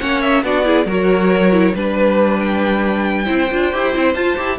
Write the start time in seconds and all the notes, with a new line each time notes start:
0.00 A#3 C#4 C#5 F#5
0.22 E5
0.43 B3 D4 F#4 D5
0.65 E4 G#4
0.86 F#3 F#4 A#4
0.93 C#5
1.52 E4
1.75 G3 D4 B4
2.41 G5
3.26 C4 E4 C5
3.52 D4 F4
3.73 E4 G4
3.94 C4 E4
4.15 F4 A5
4.37 E4 G4